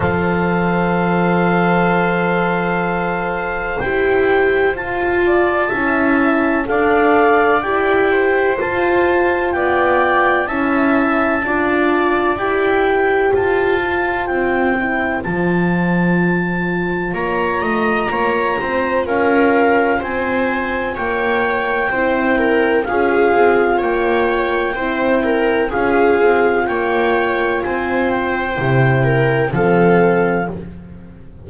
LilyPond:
<<
  \new Staff \with { instrumentName = "clarinet" } { \time 4/4 \tempo 4 = 63 f''1 | g''4 a''2 f''4 | g''4 a''4 g''4 a''4~ | a''4 g''4 a''4 g''4 |
a''2 ais''2 | f''4 gis''4 g''2 | f''4 g''2 f''4 | g''4 gis''8 g''4. f''4 | }
  \new Staff \with { instrumentName = "viola" } { \time 4/4 c''1~ | c''4. d''8 e''4 d''4~ | d''8 c''4. d''4 e''4 | d''4. c''2~ c''8~ |
c''2 cis''8 dis''8 cis''8 c''8 | ais'4 c''4 cis''4 c''8 ais'8 | gis'4 cis''4 c''8 ais'8 gis'4 | cis''4 c''4. ais'8 a'4 | }
  \new Staff \with { instrumentName = "horn" } { \time 4/4 a'1 | g'4 f'4 e'4 a'4 | g'4 f'2 e'4 | f'4 g'4. f'4 e'8 |
f'1~ | f'2. e'4 | f'2 e'4 f'4~ | f'2 e'4 c'4 | }
  \new Staff \with { instrumentName = "double bass" } { \time 4/4 f1 | e'4 f'4 cis'4 d'4 | e'4 f'4 b4 cis'4 | d'4 e'4 f'4 c'4 |
f2 ais8 a8 ais8 c'8 | cis'4 c'4 ais4 c'4 | cis'8 c'8 ais4 c'4 cis'8 c'8 | ais4 c'4 c4 f4 | }
>>